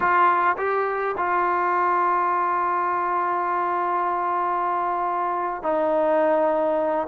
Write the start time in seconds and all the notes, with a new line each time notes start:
0.00 F4
0.57 G4
1.17 F4
5.62 D#4